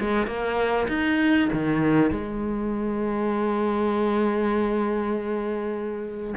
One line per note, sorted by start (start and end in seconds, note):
0.00 0.27 G#3
0.27 0.87 A#3
0.88 1.49 D#4
1.53 2.11 D#3
2.11 6.35 G#3